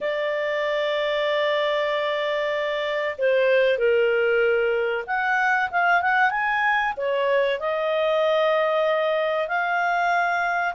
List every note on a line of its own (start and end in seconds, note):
0.00 3.16 D5
3.18 3.78 C5
3.78 5.04 A#4
5.07 5.70 F#5
5.70 6.01 F5
6.01 6.30 F#5
6.30 6.93 G#5
6.96 7.59 C#5
7.59 9.47 D#5
9.47 10.74 F5